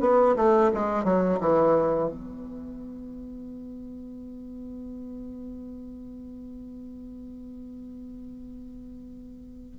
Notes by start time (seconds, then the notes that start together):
0.00 B3
0.36 A3
0.73 G#3
1.04 F#3
1.40 E3
2.09 B3